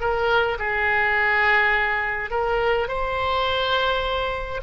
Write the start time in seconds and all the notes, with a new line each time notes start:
0.00 A#4
0.58 G#4
2.30 A#4
2.87 C5